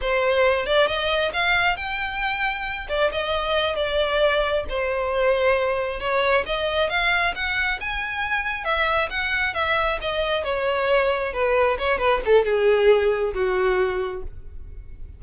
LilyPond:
\new Staff \with { instrumentName = "violin" } { \time 4/4 \tempo 4 = 135 c''4. d''8 dis''4 f''4 | g''2~ g''8 d''8 dis''4~ | dis''8 d''2 c''4.~ | c''4. cis''4 dis''4 f''8~ |
f''8 fis''4 gis''2 e''8~ | e''8 fis''4 e''4 dis''4 cis''8~ | cis''4. b'4 cis''8 b'8 a'8 | gis'2 fis'2 | }